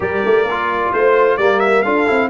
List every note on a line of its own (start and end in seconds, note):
0.00 0.21 G3
0.00 0.45 G4
0.00 0.91 A#4
0.00 0.93 D5
0.25 0.44 A3
0.44 0.90 A#3
0.50 1.40 F4
0.93 1.37 A3
0.93 1.37 C5
0.93 1.39 C5
1.37 1.83 G3
1.37 1.85 A#3
1.37 1.83 A#4
1.37 1.59 D5
1.59 1.82 E5
1.82 2.08 D4
1.82 2.06 F4
1.82 2.29 A4
1.82 2.28 F5
2.06 2.30 C4
2.06 2.29 E4